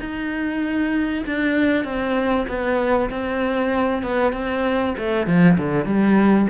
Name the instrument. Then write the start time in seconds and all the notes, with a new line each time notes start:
cello
0.00 D#4
1.26 D4
1.84 C4
2.48 B3
3.10 C4
4.02 B3
4.32 C4
4.98 A3
5.26 F3
5.57 D3
5.85 G3